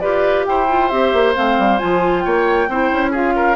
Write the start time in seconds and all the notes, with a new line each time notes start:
0.00 F4 G4 B4 D5
0.46 E4 C5 G5
0.69 F4
0.89 C4 G4 E5
1.13 A#3
1.35 A3 C4 F5
1.59 G3
1.79 F3 F4 G#5
2.21 A#3 C#5 G5
2.69 C4 E4 C5
2.92 C#4
3.11 F4 G#4 F5
3.36 A#4